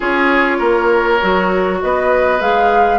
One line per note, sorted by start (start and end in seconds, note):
0.00 0.60 C#4
0.00 1.19 F4
0.00 0.57 G#4
0.00 1.80 C#5
0.58 1.20 A#3
0.58 1.78 A#4
1.21 1.82 F#3
1.21 2.39 F#4
1.81 2.40 B3
1.81 2.99 B4
1.81 2.41 D#5
2.39 2.99 G#3
2.39 2.99 G#4
2.39 2.99 F5